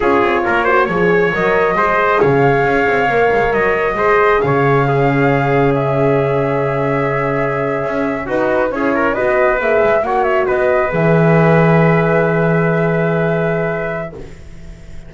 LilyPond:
<<
  \new Staff \with { instrumentName = "flute" } { \time 4/4 \tempo 4 = 136 cis''2. dis''4~ | dis''4 f''2. | dis''2 f''2~ | f''4 e''2.~ |
e''2~ e''8. b'4 cis''16~ | cis''8. dis''4 e''4 fis''8 e''8 dis''16~ | dis''8. e''2.~ e''16~ | e''1 | }
  \new Staff \with { instrumentName = "trumpet" } { \time 4/4 gis'4 ais'8 c''8 cis''2 | c''4 cis''2.~ | cis''4 c''4 cis''4 gis'4~ | gis'1~ |
gis'2~ gis'8. fis'4 gis'16~ | gis'16 ais'8 b'2 cis''4 b'16~ | b'1~ | b'1 | }
  \new Staff \with { instrumentName = "horn" } { \time 4/4 f'4. fis'8 gis'4 ais'4 | gis'2. ais'4~ | ais'4 gis'2 cis'4~ | cis'1~ |
cis'2~ cis'8. dis'4 e'16~ | e'8. fis'4 gis'4 fis'4~ fis'16~ | fis'8. gis'2.~ gis'16~ | gis'1 | }
  \new Staff \with { instrumentName = "double bass" } { \time 4/4 cis'8 c'8 ais4 f4 fis4 | gis4 cis4 cis'8 c'8 ais8 gis8 | fis4 gis4 cis2~ | cis1~ |
cis4.~ cis16 cis'4 dis'4 cis'16~ | cis'8. b4 ais8 gis8 ais4 b16~ | b8. e2.~ e16~ | e1 | }
>>